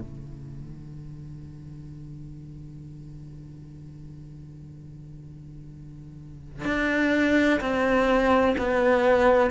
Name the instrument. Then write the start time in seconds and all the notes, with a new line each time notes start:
cello
0.00 D3
6.65 D4
7.60 C4
8.58 B3